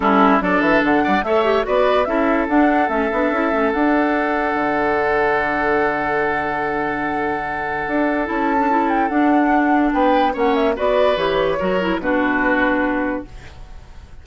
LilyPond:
<<
  \new Staff \with { instrumentName = "flute" } { \time 4/4 \tempo 4 = 145 a'4 d''8 e''8 fis''4 e''4 | d''4 e''4 fis''4 e''4~ | e''4 fis''2.~ | fis''1~ |
fis''1 | a''4. g''8 fis''2 | g''4 fis''8 e''8 d''4 cis''4~ | cis''4 b'2. | }
  \new Staff \with { instrumentName = "oboe" } { \time 4/4 e'4 a'4. d''8 cis''4 | b'4 a'2.~ | a'1~ | a'1~ |
a'1~ | a'1 | b'4 cis''4 b'2 | ais'4 fis'2. | }
  \new Staff \with { instrumentName = "clarinet" } { \time 4/4 cis'4 d'2 a'8 g'8 | fis'4 e'4 d'4 cis'8 d'8 | e'8 cis'8 d'2.~ | d'1~ |
d'1 | e'8. d'16 e'4 d'2~ | d'4 cis'4 fis'4 g'4 | fis'8 e'8 d'2. | }
  \new Staff \with { instrumentName = "bassoon" } { \time 4/4 g4 fis8 e8 d8 g8 a4 | b4 cis'4 d'4 a8 b8 | cis'8 a8 d'2 d4~ | d1~ |
d2. d'4 | cis'2 d'2 | b4 ais4 b4 e4 | fis4 b,2. | }
>>